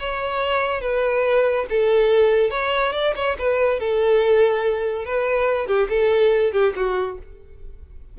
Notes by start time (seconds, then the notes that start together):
0.00 C#5
0.82 B4
1.70 A4
2.51 C#5
2.93 D5
3.16 C#5
3.39 B4
3.80 A4
5.06 B4
5.67 G4
5.89 A4
6.53 G4
6.76 F#4